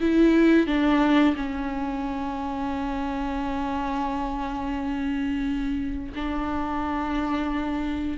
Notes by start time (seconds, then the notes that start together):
0.00 E4
0.66 D4
1.36 C#4
6.15 D4